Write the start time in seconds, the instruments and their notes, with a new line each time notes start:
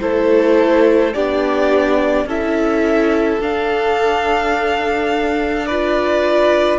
0.00 cello A3, viola E4, violin A4 C5
1.14 cello B3, viola D4, violin G4 D5
2.26 cello C#4, viola E4, violin A4 E5
3.41 cello D4, viola D4, violin F5
5.67 viola F4, violin B4 D5